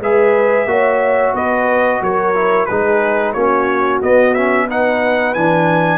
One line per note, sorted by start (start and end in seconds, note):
0.00 0.66 G#3
0.00 0.68 G#4
0.00 0.69 B4
0.00 1.36 E5
0.66 1.33 A#3
0.66 2.35 F#4
0.66 1.34 C#5
1.34 2.01 B3
1.34 2.01 B4
1.34 2.02 D#5
2.01 2.68 F#3
2.01 2.69 A#4
2.01 2.66 C#5
2.35 2.68 E4
2.66 3.34 G#3
2.66 3.36 D#4
2.66 3.34 G#4
2.66 3.32 B4
3.33 4.01 A#3
3.33 4.02 C#4
3.33 4.67 F#4
3.33 4.00 C#5
4.02 4.35 B3
4.02 5.35 B3
4.02 4.34 D#5
4.34 4.69 C#4
4.34 4.67 E5
4.68 5.36 D#4
4.68 5.98 B4
4.68 5.34 F#5
5.34 5.98 E3
5.34 5.98 D4
5.34 5.98 G#5